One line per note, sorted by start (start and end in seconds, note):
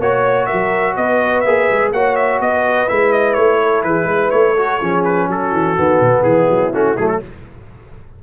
0.00 0.48 A#3
0.00 1.46 F#4
0.00 0.47 C#5
0.47 0.95 A#4
0.47 0.95 E5
0.53 0.97 F#3
0.97 1.45 B3
0.97 1.94 B4
0.97 1.41 D#5
1.41 1.69 A#3
1.41 1.94 G#4
1.41 1.89 E5
1.71 1.92 G#3
1.92 2.40 A#3
1.92 2.88 F#4
1.92 2.41 C#5
1.92 2.16 F#5
2.16 2.40 E5
2.40 2.88 B3
2.40 3.61 B4
2.40 2.89 D#5
2.88 3.37 G#3
2.88 4.56 E4
2.88 3.13 E5
3.13 3.34 D#5
3.34 3.84 A3
3.34 3.82 C#5
3.63 3.87 A4
3.84 4.05 E3
3.84 4.06 G#4
3.84 4.31 B4
4.05 4.29 G#3
4.05 4.54 B4
4.31 4.81 A3
4.31 5.03 C#5
4.54 4.81 F#4
4.54 4.78 A4
4.80 5.28 F3
4.80 5.76 C#4
4.80 5.28 G#4
5.05 5.29 B4
5.28 5.52 F#3
5.28 6.23 F#4
5.28 6.23 A4
5.53 5.76 E3
5.76 6.00 D#3
5.76 6.73 B3
6.00 6.22 B2
6.22 6.46 E3
6.22 7.19 E4
6.22 6.71 G#4
6.50 6.74 F#3
6.73 6.98 A3
6.73 6.96 C#4
6.73 6.97 F#4
6.97 7.23 F#3
6.97 7.22 A3
6.97 7.08 G#4
7.08 7.20 A4